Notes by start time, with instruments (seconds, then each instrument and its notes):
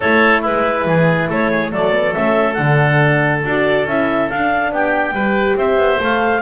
0.00 double bass A3, horn E4, oboe A4, clarinet C#5
0.41 double bass G#3, oboe E4, clarinet B4
0.85 double bass E3, oboe G#4
1.29 double bass A3, oboe A4, clarinet C#5
1.51 oboe G#4
1.71 double bass F#3, horn A3, oboe A4, clarinet D5
1.90 horn B3
2.13 double bass A3, horn C#4, clarinet E5
2.53 double bass D3, horn D4, clarinet F#5
3.44 double bass D4, horn F#4, clarinet D5
3.86 double bass C#4, horn E4, clarinet E5
4.29 horn D4, double bass D4, clarinet F5
4.72 double bass B3, oboe G4, clarinet G5
5.11 double bass G3, horn G4, oboe B4
5.56 double bass C4, oboe C5, clarinet E5
5.76 double bass B3
5.99 double bass A3, horn A4, clarinet F5